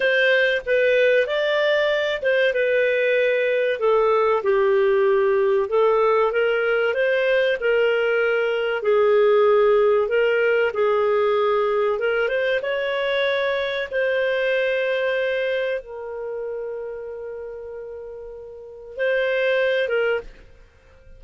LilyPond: \new Staff \with { instrumentName = "clarinet" } { \time 4/4 \tempo 4 = 95 c''4 b'4 d''4. c''8 | b'2 a'4 g'4~ | g'4 a'4 ais'4 c''4 | ais'2 gis'2 |
ais'4 gis'2 ais'8 c''8 | cis''2 c''2~ | c''4 ais'2.~ | ais'2 c''4. ais'8 | }